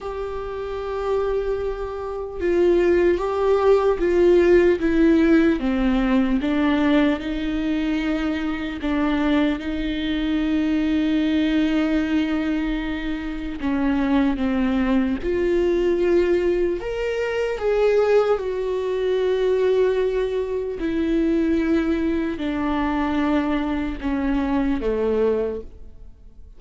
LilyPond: \new Staff \with { instrumentName = "viola" } { \time 4/4 \tempo 4 = 75 g'2. f'4 | g'4 f'4 e'4 c'4 | d'4 dis'2 d'4 | dis'1~ |
dis'4 cis'4 c'4 f'4~ | f'4 ais'4 gis'4 fis'4~ | fis'2 e'2 | d'2 cis'4 a4 | }